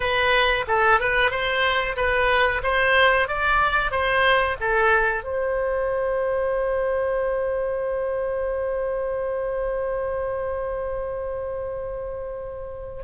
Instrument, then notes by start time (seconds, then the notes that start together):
oboe
0.00 B4
0.67 A4
1.00 B4
1.30 C5
1.96 B4
2.63 C5
3.28 D5
3.91 C5
4.60 A4
5.24 C5